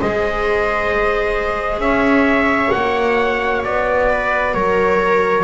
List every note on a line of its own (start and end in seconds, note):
0.00 1.79 G#3
0.00 2.73 G#4
0.00 1.82 C5
0.00 1.81 D#5
1.79 2.70 C#4
1.79 4.09 C#5
1.79 2.71 E5
2.71 3.66 A#3
2.71 5.44 F#4
2.71 3.62 F#5
3.64 4.55 B3
3.64 4.54 D5
4.09 4.55 B4
4.54 5.44 F#3
4.54 5.44 A#4
4.54 5.44 C#5